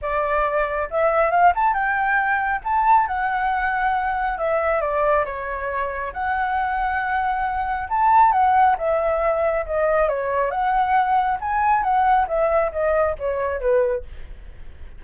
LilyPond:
\new Staff \with { instrumentName = "flute" } { \time 4/4 \tempo 4 = 137 d''2 e''4 f''8 a''8 | g''2 a''4 fis''4~ | fis''2 e''4 d''4 | cis''2 fis''2~ |
fis''2 a''4 fis''4 | e''2 dis''4 cis''4 | fis''2 gis''4 fis''4 | e''4 dis''4 cis''4 b'4 | }